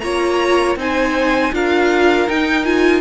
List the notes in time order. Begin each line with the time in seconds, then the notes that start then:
0.00 A#3 F4 C#5 A#5
0.76 C4 D#4 C5 G#5
1.53 D4 F4 A#4 F5
2.28 D#4 G5
2.65 F4 G#5